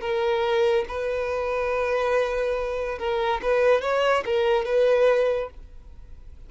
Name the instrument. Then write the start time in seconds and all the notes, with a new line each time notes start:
violin
0.00 A#4
0.88 B4
2.98 A#4
3.42 B4
3.81 C#5
4.25 A#4
4.65 B4